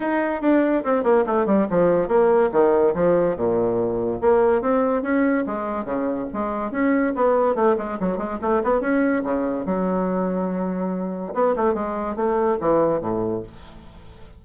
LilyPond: \new Staff \with { instrumentName = "bassoon" } { \time 4/4 \tempo 4 = 143 dis'4 d'4 c'8 ais8 a8 g8 | f4 ais4 dis4 f4 | ais,2 ais4 c'4 | cis'4 gis4 cis4 gis4 |
cis'4 b4 a8 gis8 fis8 gis8 | a8 b8 cis'4 cis4 fis4~ | fis2. b8 a8 | gis4 a4 e4 a,4 | }